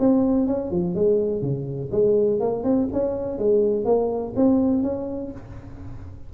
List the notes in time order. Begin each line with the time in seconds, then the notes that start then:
0.00 C4
0.47 C#4
0.71 F3
0.95 G#3
1.42 C#3
1.92 G#3
2.40 A#3
2.64 C4
2.93 C#4
3.39 G#3
3.85 A#3
4.36 C4
4.83 C#4